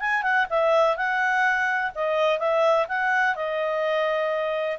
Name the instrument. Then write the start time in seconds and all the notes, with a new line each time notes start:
clarinet
0.00 G#5
0.22 F#5
0.50 E5
0.97 F#5
1.95 D#5
2.39 E5
2.88 F#5
3.35 D#5